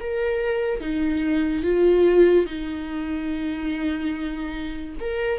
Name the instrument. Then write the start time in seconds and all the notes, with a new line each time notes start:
viola
0.00 A#4
0.81 D#4
1.63 F4
2.46 D#4
5.00 A#4